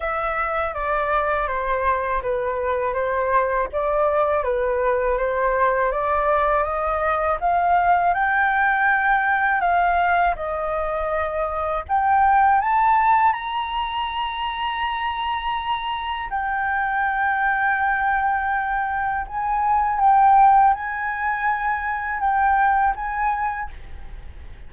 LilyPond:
\new Staff \with { instrumentName = "flute" } { \time 4/4 \tempo 4 = 81 e''4 d''4 c''4 b'4 | c''4 d''4 b'4 c''4 | d''4 dis''4 f''4 g''4~ | g''4 f''4 dis''2 |
g''4 a''4 ais''2~ | ais''2 g''2~ | g''2 gis''4 g''4 | gis''2 g''4 gis''4 | }